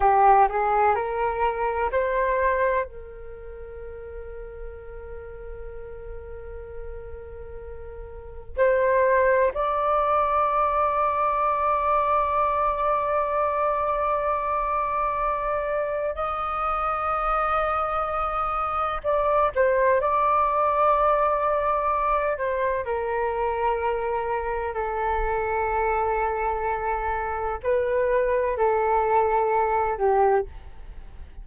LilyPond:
\new Staff \with { instrumentName = "flute" } { \time 4/4 \tempo 4 = 63 g'8 gis'8 ais'4 c''4 ais'4~ | ais'1~ | ais'4 c''4 d''2~ | d''1~ |
d''4 dis''2. | d''8 c''8 d''2~ d''8 c''8 | ais'2 a'2~ | a'4 b'4 a'4. g'8 | }